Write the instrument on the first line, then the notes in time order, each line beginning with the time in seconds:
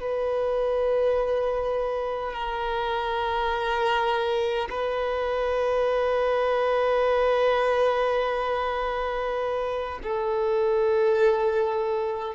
violin
0.00 B4
2.33 A#4
4.70 B4
10.03 A4